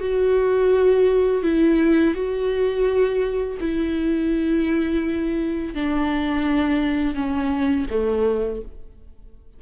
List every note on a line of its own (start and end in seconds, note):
0.00 1.43 F#4
1.43 2.14 E4
2.15 3.57 F#4
3.60 5.74 E4
5.74 7.15 D4
7.15 7.86 C#4
7.90 8.62 A3